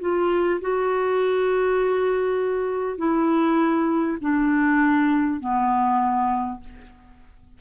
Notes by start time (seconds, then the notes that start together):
0.00 F4
0.61 F#4
2.98 E4
4.21 D4
5.41 B3